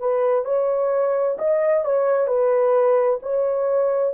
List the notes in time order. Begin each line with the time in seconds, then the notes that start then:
0.00 B4
0.45 C#5
1.39 D#5
1.85 C#5
2.27 B4
3.23 C#5